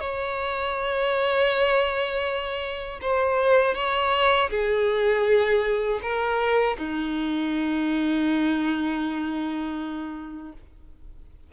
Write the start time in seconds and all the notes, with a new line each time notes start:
0.00 C#5
3.02 C5
3.75 C#5
4.51 G#4
6.02 A#4
6.78 D#4